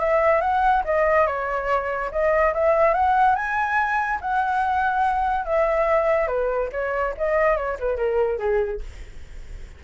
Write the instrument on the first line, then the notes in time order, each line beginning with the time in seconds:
flute
0.00 E5
0.42 F#5
0.85 D#5
1.27 C#5
2.12 D#5
2.54 E5
2.94 F#5
3.36 G#5
4.21 F#5
5.46 E5
6.28 B4
6.73 C#5
7.18 D#5
7.57 C#5
7.80 B4
7.97 A#4
8.39 G#4